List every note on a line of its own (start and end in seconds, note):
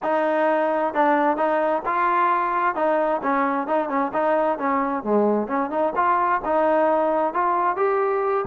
0.02 0.93 D#4
0.93 1.36 D4
1.36 1.82 D#4
1.85 2.75 F4
2.75 3.21 D#4
3.22 3.67 C#4
3.67 3.88 D#4
3.88 4.11 C#4
4.13 4.58 D#4
4.58 5.03 C#4
5.03 5.47 G#3
5.47 5.70 C#4
5.70 5.93 D#4
5.95 6.41 F4
6.44 7.33 D#4
7.33 7.76 F4
7.76 8.45 G4